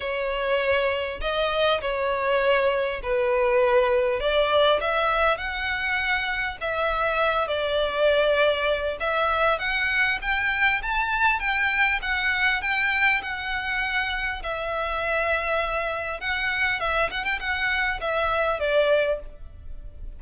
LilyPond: \new Staff \with { instrumentName = "violin" } { \time 4/4 \tempo 4 = 100 cis''2 dis''4 cis''4~ | cis''4 b'2 d''4 | e''4 fis''2 e''4~ | e''8 d''2~ d''8 e''4 |
fis''4 g''4 a''4 g''4 | fis''4 g''4 fis''2 | e''2. fis''4 | e''8 fis''16 g''16 fis''4 e''4 d''4 | }